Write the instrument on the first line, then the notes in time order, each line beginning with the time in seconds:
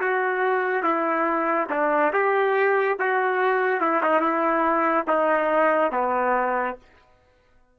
trumpet
0.00 F#4
0.83 E4
1.69 D4
2.12 G4
2.99 F#4
3.80 E4
4.03 D#4
4.20 E4
5.07 D#4
5.91 B3